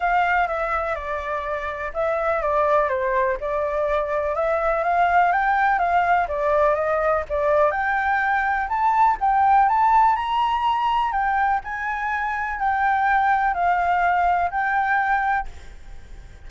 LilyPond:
\new Staff \with { instrumentName = "flute" } { \time 4/4 \tempo 4 = 124 f''4 e''4 d''2 | e''4 d''4 c''4 d''4~ | d''4 e''4 f''4 g''4 | f''4 d''4 dis''4 d''4 |
g''2 a''4 g''4 | a''4 ais''2 g''4 | gis''2 g''2 | f''2 g''2 | }